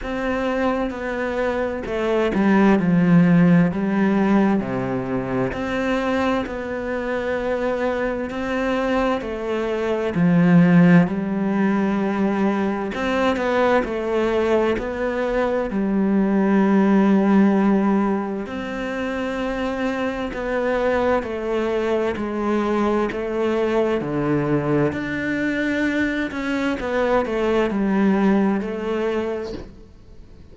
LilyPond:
\new Staff \with { instrumentName = "cello" } { \time 4/4 \tempo 4 = 65 c'4 b4 a8 g8 f4 | g4 c4 c'4 b4~ | b4 c'4 a4 f4 | g2 c'8 b8 a4 |
b4 g2. | c'2 b4 a4 | gis4 a4 d4 d'4~ | d'8 cis'8 b8 a8 g4 a4 | }